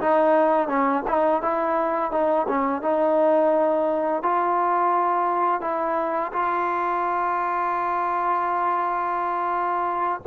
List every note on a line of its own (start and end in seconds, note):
0.00 0.68 D#4
0.68 1.03 C#4
1.07 1.42 D#4
1.42 2.11 E4
2.11 2.46 D#4
2.48 2.82 C#4
2.82 4.22 D#4
4.22 5.61 F4
5.61 6.31 E4
6.32 10.21 F4